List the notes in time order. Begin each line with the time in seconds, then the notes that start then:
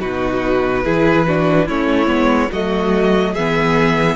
0.00 B2 D#4 F#4 B4
0.84 E3 E4 G#4
1.27 D4 F#4
1.66 A3 C#4 E4 C#5
2.07 G#3 B3
2.51 F#3 A3 F#4 D#5
3.33 E3 B3 G#4 E5